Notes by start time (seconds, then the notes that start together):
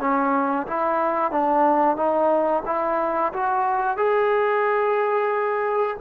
0.00 C#4
0.67 E4
1.32 D4
1.97 D#4
2.66 E4
3.33 F#4
3.97 G#4